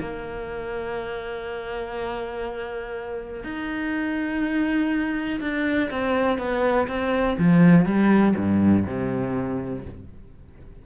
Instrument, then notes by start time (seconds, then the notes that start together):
cello
0.00 A#3
3.43 D#4
5.40 D4
5.90 C4
6.38 B3
6.88 C4
7.38 F3
7.85 G3
8.36 G2
8.86 C3